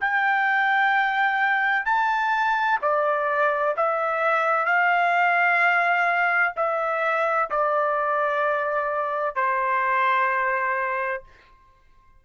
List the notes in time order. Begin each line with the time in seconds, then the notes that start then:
0.00 G5
1.85 A5
2.81 D5
3.76 E5
4.65 F5
6.56 E5
7.50 D5
9.35 C5